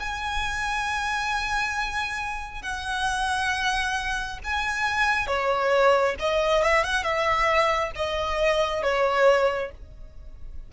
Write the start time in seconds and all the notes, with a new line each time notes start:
0.00 G#5
2.62 F#5
4.44 G#5
5.27 C#5
6.19 D#5
6.63 E5
6.84 F#5
7.03 E5
7.95 D#5
8.83 C#5